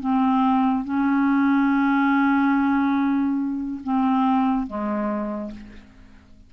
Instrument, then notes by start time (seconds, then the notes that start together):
clarinet
0.00 C4
0.85 C#4
3.84 C4
4.67 G#3